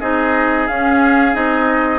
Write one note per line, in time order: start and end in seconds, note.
0.00 0.68 C4
0.00 0.68 D#4
0.00 1.99 G#4
0.00 0.67 D#5
0.67 1.35 C#4
0.67 1.32 C#4
0.67 1.35 F5
1.32 1.99 C4
1.32 1.99 D#4
1.32 1.99 D#5